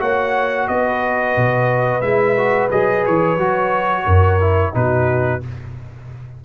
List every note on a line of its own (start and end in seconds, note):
0.00 0.68 A#3
0.00 2.02 F#4
0.00 0.68 C#5
0.00 0.68 F#5
0.68 1.37 B3
0.68 4.05 B4
0.68 2.01 D#5
1.37 2.02 B2
2.01 2.70 G#3
2.01 2.37 E4
2.01 2.69 E5
2.37 2.71 F#4
2.71 3.05 F#3
2.71 3.38 G#4
2.71 3.05 D#5
3.06 3.37 E3
3.06 4.75 C#5
3.37 4.04 F#3
3.37 4.40 F#4
4.06 4.74 F#2
4.06 4.73 A#4
4.40 4.74 E4
4.74 5.42 B2
4.74 5.41 D#4
4.74 5.45 F#4
4.74 5.43 B4